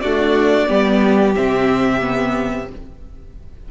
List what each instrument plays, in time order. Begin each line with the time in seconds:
0.00 viola A3, cello D4, violin F#4 D5
0.67 cello G3, viola B3, violin G4
1.35 cello C3, viola C4, violin E5
2.01 viola B3